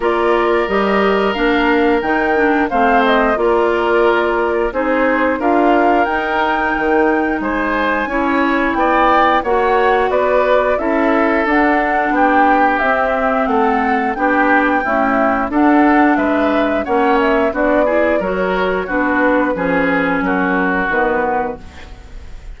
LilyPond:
<<
  \new Staff \with { instrumentName = "flute" } { \time 4/4 \tempo 4 = 89 d''4 dis''4 f''4 g''4 | f''8 dis''8 d''2 c''4 | f''4 g''2 gis''4~ | gis''4 g''4 fis''4 d''4 |
e''4 fis''4 g''4 e''4 | fis''4 g''2 fis''4 | e''4 fis''8 e''8 d''4 cis''4 | b'2 ais'4 b'4 | }
  \new Staff \with { instrumentName = "oboe" } { \time 4/4 ais'1 | c''4 ais'2 gis'4 | ais'2. c''4 | cis''4 d''4 cis''4 b'4 |
a'2 g'2 | a'4 g'4 e'4 a'4 | b'4 cis''4 fis'8 gis'8 ais'4 | fis'4 gis'4 fis'2 | }
  \new Staff \with { instrumentName = "clarinet" } { \time 4/4 f'4 g'4 d'4 dis'8 d'8 | c'4 f'2 dis'4 | f'4 dis'2. | e'2 fis'2 |
e'4 d'2 c'4~ | c'4 d'4 a4 d'4~ | d'4 cis'4 d'8 e'8 fis'4 | d'4 cis'2 b4 | }
  \new Staff \with { instrumentName = "bassoon" } { \time 4/4 ais4 g4 ais4 dis4 | a4 ais2 c'4 | d'4 dis'4 dis4 gis4 | cis'4 b4 ais4 b4 |
cis'4 d'4 b4 c'4 | a4 b4 cis'4 d'4 | gis4 ais4 b4 fis4 | b4 f4 fis4 dis4 | }
>>